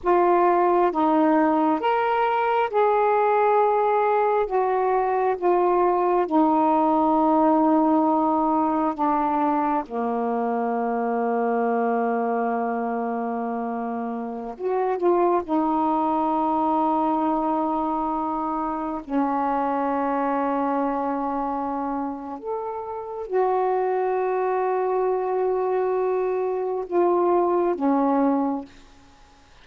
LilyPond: \new Staff \with { instrumentName = "saxophone" } { \time 4/4 \tempo 4 = 67 f'4 dis'4 ais'4 gis'4~ | gis'4 fis'4 f'4 dis'4~ | dis'2 d'4 ais4~ | ais1~ |
ais16 fis'8 f'8 dis'2~ dis'8.~ | dis'4~ dis'16 cis'2~ cis'8.~ | cis'4 a'4 fis'2~ | fis'2 f'4 cis'4 | }